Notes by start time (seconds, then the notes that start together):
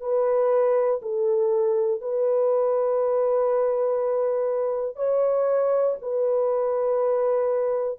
0.00 B4
1.02 A4
2.00 B4
4.95 C#5
6.01 B4